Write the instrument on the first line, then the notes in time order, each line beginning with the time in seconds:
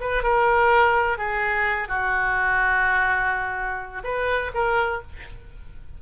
oboe
0.00 B4
0.23 A#4
1.18 G#4
1.88 F#4
4.04 B4
4.54 A#4